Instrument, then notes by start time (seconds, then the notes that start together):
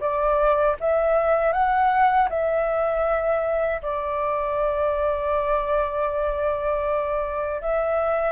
flute
0.00 D5
0.80 E5
1.53 F#5
2.30 E5
3.82 D5
7.61 E5